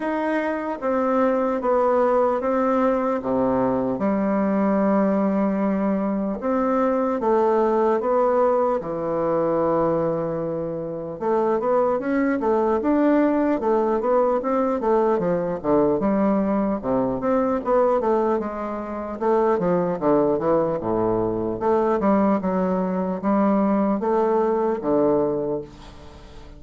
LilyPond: \new Staff \with { instrumentName = "bassoon" } { \time 4/4 \tempo 4 = 75 dis'4 c'4 b4 c'4 | c4 g2. | c'4 a4 b4 e4~ | e2 a8 b8 cis'8 a8 |
d'4 a8 b8 c'8 a8 f8 d8 | g4 c8 c'8 b8 a8 gis4 | a8 f8 d8 e8 a,4 a8 g8 | fis4 g4 a4 d4 | }